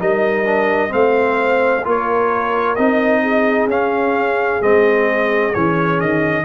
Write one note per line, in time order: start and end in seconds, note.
0.00 0.93 G3
0.00 0.45 D#4
0.00 0.92 A#4
0.00 0.93 D#5
0.45 0.89 D4
0.89 1.86 A3
0.89 1.81 C4
0.89 1.87 C5
0.89 1.85 F5
1.85 2.78 A#3
1.85 2.77 F4
1.85 3.22 A#4
1.85 2.76 C#5
2.76 3.67 C4
2.76 3.70 D#4
2.76 3.68 D#5
3.22 6.45 G#4
3.67 4.60 C#4
3.67 4.62 C#4
3.67 4.62 F5
4.61 5.54 G#3
4.61 5.54 C4
4.61 5.54 D#5
5.54 6.00 E3
5.54 6.45 C#4
5.54 6.00 C#5
6.00 6.45 D#3
6.00 6.45 D#5